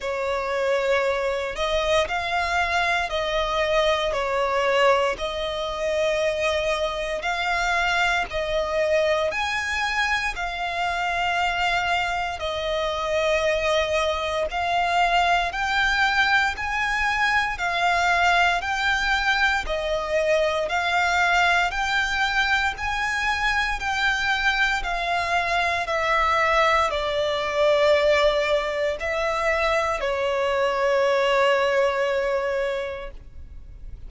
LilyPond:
\new Staff \with { instrumentName = "violin" } { \time 4/4 \tempo 4 = 58 cis''4. dis''8 f''4 dis''4 | cis''4 dis''2 f''4 | dis''4 gis''4 f''2 | dis''2 f''4 g''4 |
gis''4 f''4 g''4 dis''4 | f''4 g''4 gis''4 g''4 | f''4 e''4 d''2 | e''4 cis''2. | }